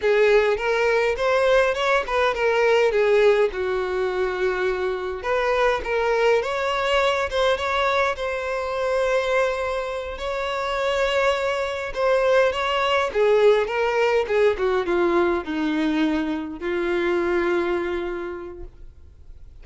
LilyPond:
\new Staff \with { instrumentName = "violin" } { \time 4/4 \tempo 4 = 103 gis'4 ais'4 c''4 cis''8 b'8 | ais'4 gis'4 fis'2~ | fis'4 b'4 ais'4 cis''4~ | cis''8 c''8 cis''4 c''2~ |
c''4. cis''2~ cis''8~ | cis''8 c''4 cis''4 gis'4 ais'8~ | ais'8 gis'8 fis'8 f'4 dis'4.~ | dis'8 f'2.~ f'8 | }